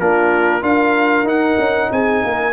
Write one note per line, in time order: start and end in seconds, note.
0.00 0.63 A#3
0.00 0.62 D4
0.00 0.62 F4
0.00 0.64 A#4
0.62 1.24 D4
0.62 1.26 F4
0.62 1.90 A#4
0.62 1.27 F5
1.24 1.56 D#4
1.24 2.53 D#4
1.24 1.92 F#5
1.59 1.91 C#4
1.92 2.24 C4
1.92 2.24 G#4
1.92 2.53 G#5
2.24 2.53 A#3
2.24 2.53 A#4